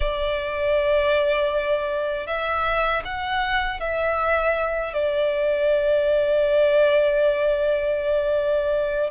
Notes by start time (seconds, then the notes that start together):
0.00 D5
2.26 E5
3.04 F#5
3.80 E5
4.93 D5